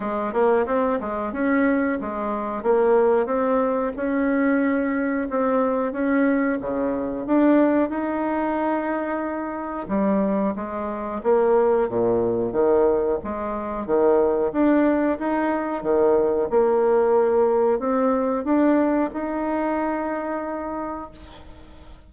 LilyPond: \new Staff \with { instrumentName = "bassoon" } { \time 4/4 \tempo 4 = 91 gis8 ais8 c'8 gis8 cis'4 gis4 | ais4 c'4 cis'2 | c'4 cis'4 cis4 d'4 | dis'2. g4 |
gis4 ais4 ais,4 dis4 | gis4 dis4 d'4 dis'4 | dis4 ais2 c'4 | d'4 dis'2. | }